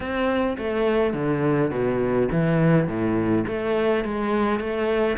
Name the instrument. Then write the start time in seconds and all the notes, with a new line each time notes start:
cello
0.00 C4
0.58 A3
1.13 D3
1.70 B2
2.31 E3
2.87 A2
3.47 A3
4.04 G#3
4.59 A3